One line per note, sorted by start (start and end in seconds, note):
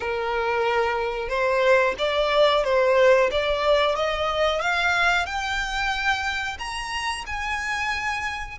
0.00 1.28 A#4
1.28 1.94 C5
1.98 2.64 D5
2.64 3.30 C5
3.31 3.95 D5
3.95 4.61 D#5
4.61 5.25 F5
5.25 6.57 G5
6.58 7.24 A#5
7.26 8.58 G#5